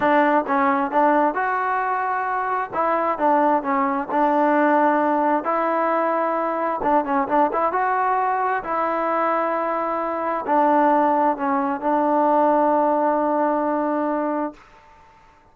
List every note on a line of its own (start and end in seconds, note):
0.00 0.44 D4
0.47 0.91 C#4
0.91 1.34 D4
1.34 2.70 F#4
2.73 3.18 E4
3.18 3.62 D4
3.62 4.08 C#4
4.11 5.44 D4
5.44 6.80 E4
6.82 7.05 D4
7.05 7.27 C#4
7.28 7.50 D4
7.52 7.72 E4
7.72 8.63 F#4
8.63 10.45 E4
10.46 11.36 D4
11.36 11.80 C#4
11.80 14.53 D4